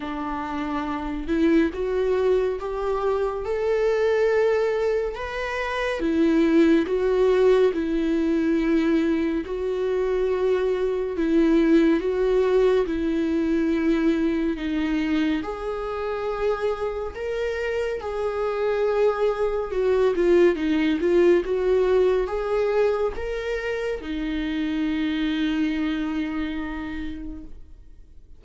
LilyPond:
\new Staff \with { instrumentName = "viola" } { \time 4/4 \tempo 4 = 70 d'4. e'8 fis'4 g'4 | a'2 b'4 e'4 | fis'4 e'2 fis'4~ | fis'4 e'4 fis'4 e'4~ |
e'4 dis'4 gis'2 | ais'4 gis'2 fis'8 f'8 | dis'8 f'8 fis'4 gis'4 ais'4 | dis'1 | }